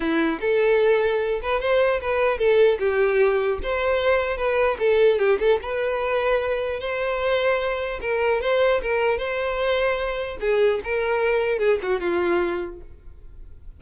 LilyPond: \new Staff \with { instrumentName = "violin" } { \time 4/4 \tempo 4 = 150 e'4 a'2~ a'8 b'8 | c''4 b'4 a'4 g'4~ | g'4 c''2 b'4 | a'4 g'8 a'8 b'2~ |
b'4 c''2. | ais'4 c''4 ais'4 c''4~ | c''2 gis'4 ais'4~ | ais'4 gis'8 fis'8 f'2 | }